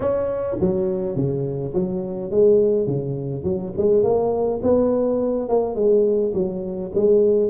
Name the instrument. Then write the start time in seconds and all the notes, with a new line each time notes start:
tuba
0.00 C#4
0.60 F#3
1.15 C#3
1.74 F#3
2.31 G#3
2.87 C#3
3.43 F#3
3.77 G#3
4.03 A#3
4.62 B3
5.48 A#3
5.75 G#3
6.34 F#3
6.94 G#3